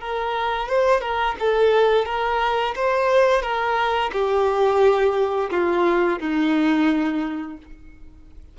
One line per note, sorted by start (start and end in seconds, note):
0.00 0.68 A#4
0.68 1.01 C5
1.01 1.35 A#4
1.39 2.05 A4
2.05 2.74 A#4
2.75 3.42 C5
3.42 4.11 A#4
4.12 5.50 G4
5.50 6.19 F4
6.19 7.57 D#4